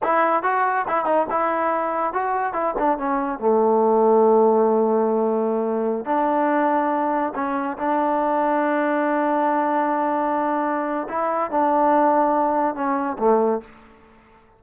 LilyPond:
\new Staff \with { instrumentName = "trombone" } { \time 4/4 \tempo 4 = 141 e'4 fis'4 e'8 dis'8 e'4~ | e'4 fis'4 e'8 d'8 cis'4 | a1~ | a2~ a16 d'4.~ d'16~ |
d'4~ d'16 cis'4 d'4.~ d'16~ | d'1~ | d'2 e'4 d'4~ | d'2 cis'4 a4 | }